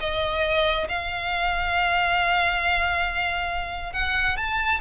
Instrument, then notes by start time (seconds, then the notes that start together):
violin
0.00 D#5
0.88 F5
3.93 F#5
4.37 A5